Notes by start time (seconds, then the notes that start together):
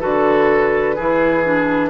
0.00 D3 F#4 A4 B4
0.96 E3 E4 G#4
1.44 D4